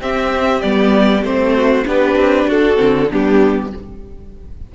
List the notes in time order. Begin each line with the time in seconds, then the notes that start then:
0.00 C4 G4 E5
0.61 G3 B3 D5
1.22 A3 C4 C5
1.55 F#4
1.85 B3 D4 G4 B4
2.15 C4
2.47 D4 F#4 A4
2.76 D3 C4
3.09 G3 B3 D4 G4